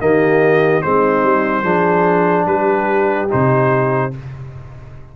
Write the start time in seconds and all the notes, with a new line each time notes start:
0.00 D#3 A#3 G4 D#5
0.82 G#3 C4 D#4 C5
1.23 G3
1.63 F3 D4 G#4
2.46 G3 G4 B4
3.29 C3 D#4 C5